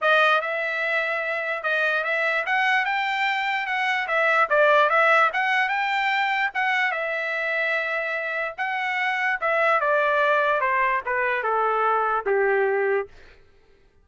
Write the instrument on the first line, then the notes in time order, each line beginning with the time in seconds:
trumpet
0.01 D#5
0.41 E5
1.63 D#5
2.03 E5
2.45 F#5
2.85 G5
3.66 F#5
4.07 E5
4.49 D5
4.89 E5
5.33 F#5
5.68 G5
6.54 F#5
6.91 E5
8.57 F#5
9.40 E5
9.80 D5
10.60 C5
11.05 B4
11.43 A4
12.26 G4